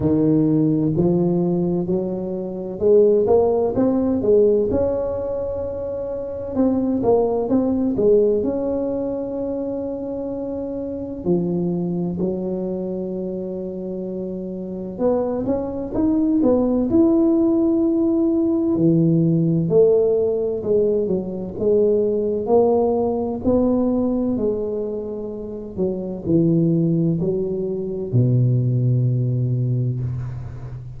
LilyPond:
\new Staff \with { instrumentName = "tuba" } { \time 4/4 \tempo 4 = 64 dis4 f4 fis4 gis8 ais8 | c'8 gis8 cis'2 c'8 ais8 | c'8 gis8 cis'2. | f4 fis2. |
b8 cis'8 dis'8 b8 e'2 | e4 a4 gis8 fis8 gis4 | ais4 b4 gis4. fis8 | e4 fis4 b,2 | }